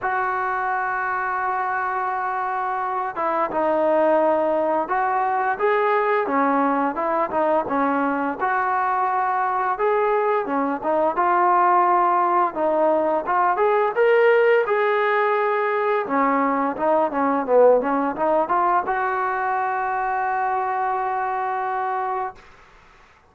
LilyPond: \new Staff \with { instrumentName = "trombone" } { \time 4/4 \tempo 4 = 86 fis'1~ | fis'8 e'8 dis'2 fis'4 | gis'4 cis'4 e'8 dis'8 cis'4 | fis'2 gis'4 cis'8 dis'8 |
f'2 dis'4 f'8 gis'8 | ais'4 gis'2 cis'4 | dis'8 cis'8 b8 cis'8 dis'8 f'8 fis'4~ | fis'1 | }